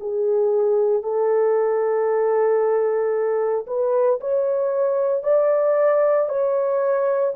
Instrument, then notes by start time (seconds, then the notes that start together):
horn
0.00 G#4
1.03 A4
3.67 B4
4.20 C#5
5.23 D5
6.29 C#5